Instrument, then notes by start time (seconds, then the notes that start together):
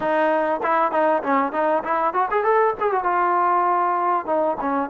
trombone
0.00 D#4
0.62 E4
0.91 D#4
1.22 C#4
1.52 D#4
1.83 E4
2.13 F#4
2.30 G#4
2.43 A4
2.79 G#4
2.91 F#4
3.03 F4
4.26 D#4
4.60 C#4